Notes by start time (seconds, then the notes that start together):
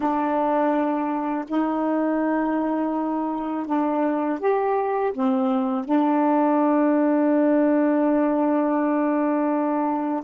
0.00 D4
1.48 D#4
3.66 D4
4.39 G4
5.13 C4
5.84 D4